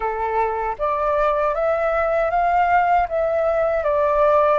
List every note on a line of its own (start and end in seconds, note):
0.00 0.76 A4
0.78 1.54 D5
1.54 2.30 E5
2.30 3.07 F5
3.08 3.83 E5
3.83 4.59 D5